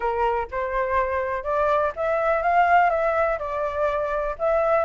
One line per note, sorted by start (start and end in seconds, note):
0.00 0.47 A#4
0.51 1.43 C5
1.43 1.92 D5
1.96 2.42 E5
2.42 2.90 F5
2.90 3.38 E5
3.38 4.35 D5
4.39 4.84 E5